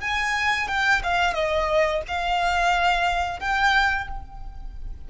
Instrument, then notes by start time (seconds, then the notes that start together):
violin
0.00 G#5
0.67 G5
1.03 F5
1.33 D#5
2.07 F5
3.39 G5